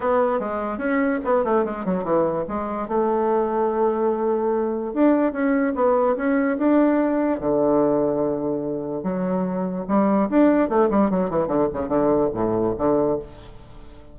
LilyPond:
\new Staff \with { instrumentName = "bassoon" } { \time 4/4 \tempo 4 = 146 b4 gis4 cis'4 b8 a8 | gis8 fis8 e4 gis4 a4~ | a1 | d'4 cis'4 b4 cis'4 |
d'2 d2~ | d2 fis2 | g4 d'4 a8 g8 fis8 e8 | d8 cis8 d4 a,4 d4 | }